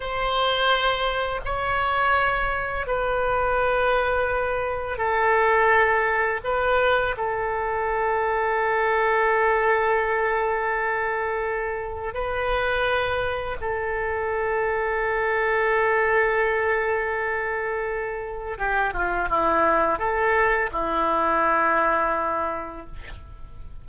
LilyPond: \new Staff \with { instrumentName = "oboe" } { \time 4/4 \tempo 4 = 84 c''2 cis''2 | b'2. a'4~ | a'4 b'4 a'2~ | a'1~ |
a'4 b'2 a'4~ | a'1~ | a'2 g'8 f'8 e'4 | a'4 e'2. | }